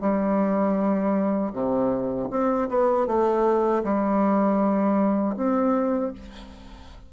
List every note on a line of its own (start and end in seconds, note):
0.00 1.52 G3
1.53 2.29 C3
2.30 2.68 C4
2.68 3.06 B3
3.07 3.83 A3
3.83 5.35 G3
5.36 6.12 C4